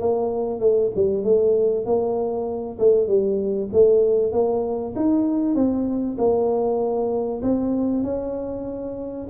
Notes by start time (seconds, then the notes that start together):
0.00 A#3
0.60 A3
0.96 G3
1.24 A3
1.85 A#3
2.79 A3
3.08 G3
3.73 A3
4.32 A#3
4.96 D#4
5.55 C4
6.18 A#3
7.42 C4
8.04 C#4